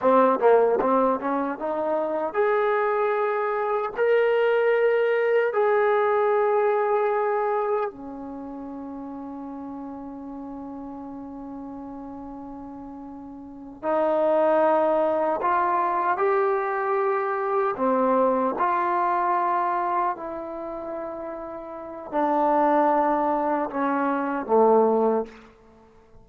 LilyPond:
\new Staff \with { instrumentName = "trombone" } { \time 4/4 \tempo 4 = 76 c'8 ais8 c'8 cis'8 dis'4 gis'4~ | gis'4 ais'2 gis'4~ | gis'2 cis'2~ | cis'1~ |
cis'4. dis'2 f'8~ | f'8 g'2 c'4 f'8~ | f'4. e'2~ e'8 | d'2 cis'4 a4 | }